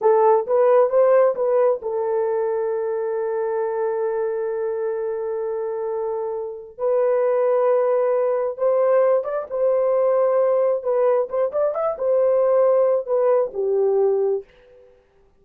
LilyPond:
\new Staff \with { instrumentName = "horn" } { \time 4/4 \tempo 4 = 133 a'4 b'4 c''4 b'4 | a'1~ | a'1~ | a'2. b'4~ |
b'2. c''4~ | c''8 d''8 c''2. | b'4 c''8 d''8 e''8 c''4.~ | c''4 b'4 g'2 | }